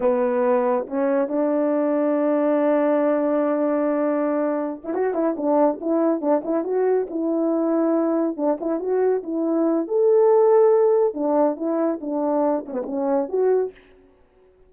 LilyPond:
\new Staff \with { instrumentName = "horn" } { \time 4/4 \tempo 4 = 140 b2 cis'4 d'4~ | d'1~ | d'2.~ d'16 e'16 fis'8 | e'8 d'4 e'4 d'8 e'8 fis'8~ |
fis'8 e'2. d'8 | e'8 fis'4 e'4. a'4~ | a'2 d'4 e'4 | d'4. cis'16 b16 cis'4 fis'4 | }